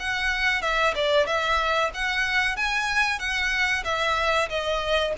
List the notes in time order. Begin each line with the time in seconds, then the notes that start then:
0.00 F#5
0.62 E5
0.96 D5
1.27 E5
1.94 F#5
2.57 G#5
3.20 F#5
3.85 E5
4.50 D#5